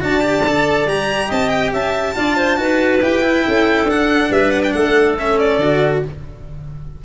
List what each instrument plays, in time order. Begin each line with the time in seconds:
0.00 tuba D4, cello F#4, clarinet D5, violin A5
0.21 cello G4
0.45 tuba D3, cello A4
0.87 tuba G3, cello G4, violin A#5
1.28 tuba C4, clarinet D#5, violin A5
1.50 violin G5
1.73 tuba C#4, clarinet E5, violin A5
2.16 tuba D4, cello F4, clarinet D5
2.37 clarinet C5
2.57 tuba D#4, cello F#4, clarinet B4
3.02 tuba E4, cello G4, violin G5
3.22 cello E4
3.48 tuba C#4, clarinet A4
3.85 tuba D4, cello D4, violin F#5
4.31 tuba G3, clarinet B4, violin E5
4.51 violin F#5
4.64 violin G5
4.73 tuba A3, clarinet A4, violin F#5
5.19 cello C#4, violin E5
5.39 violin D5
5.58 tuba D3, cello F#4